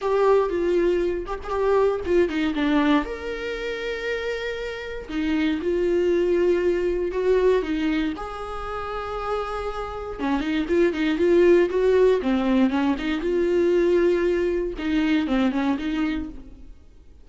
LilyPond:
\new Staff \with { instrumentName = "viola" } { \time 4/4 \tempo 4 = 118 g'4 f'4. g'16 gis'16 g'4 | f'8 dis'8 d'4 ais'2~ | ais'2 dis'4 f'4~ | f'2 fis'4 dis'4 |
gis'1 | cis'8 dis'8 f'8 dis'8 f'4 fis'4 | c'4 cis'8 dis'8 f'2~ | f'4 dis'4 c'8 cis'8 dis'4 | }